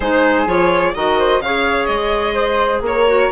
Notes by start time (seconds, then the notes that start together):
0.00 G#3 D#4 G#4 C5
0.46 F3 F4 C#5
0.94 D#3 F#4 A#4 D#5
1.18 C5
1.40 C#3 G#4 C#5 F5
1.85 G#3 D#5
2.34 C5
2.80 A#3 A#4 C#5
3.07 F#4